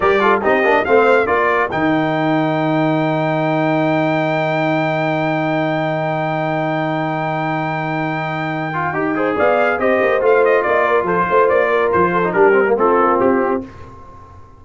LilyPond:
<<
  \new Staff \with { instrumentName = "trumpet" } { \time 4/4 \tempo 4 = 141 d''4 dis''4 f''4 d''4 | g''1~ | g''1~ | g''1~ |
g''1~ | g''2 f''4 dis''4 | f''8 dis''8 d''4 c''4 d''4 | c''4 ais'4 a'4 g'4 | }
  \new Staff \with { instrumentName = "horn" } { \time 4/4 ais'8 a'8 g'4 c''4 ais'4~ | ais'1~ | ais'1~ | ais'1~ |
ais'1~ | ais'4. c''8 d''4 c''4~ | c''4 dis''8 ais'8 a'8 c''4 ais'8~ | ais'8 a'8 g'4 f'2 | }
  \new Staff \with { instrumentName = "trombone" } { \time 4/4 g'8 f'8 dis'8 d'8 c'4 f'4 | dis'1~ | dis'1~ | dis'1~ |
dis'1~ | dis'8 f'8 g'8 gis'4. g'4 | f'1~ | f'8. dis'16 d'8 c'16 ais16 c'2 | }
  \new Staff \with { instrumentName = "tuba" } { \time 4/4 g4 c'8 ais8 a4 ais4 | dis1~ | dis1~ | dis1~ |
dis1~ | dis4 dis'4 b4 c'8 ais8 | a4 ais4 f8 a8 ais4 | f4 g4 a8 ais8 c'4 | }
>>